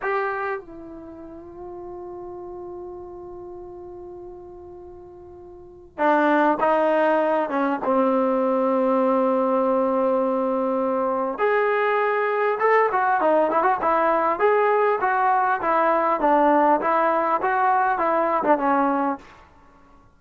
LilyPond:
\new Staff \with { instrumentName = "trombone" } { \time 4/4 \tempo 4 = 100 g'4 f'2.~ | f'1~ | f'2 d'4 dis'4~ | dis'8 cis'8 c'2.~ |
c'2. gis'4~ | gis'4 a'8 fis'8 dis'8 e'16 fis'16 e'4 | gis'4 fis'4 e'4 d'4 | e'4 fis'4 e'8. d'16 cis'4 | }